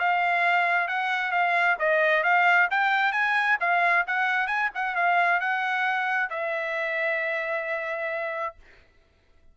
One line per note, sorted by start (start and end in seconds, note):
0.00 0.88 F5
0.88 1.32 F#5
1.32 1.77 F5
1.80 2.24 D#5
2.24 2.69 F5
2.71 3.13 G5
3.13 3.58 G#5
3.61 4.06 F5
4.07 4.48 F#5
4.48 4.70 G#5
4.75 4.96 F#5
4.96 5.41 F5
5.41 6.30 F#5
6.30 8.56 E5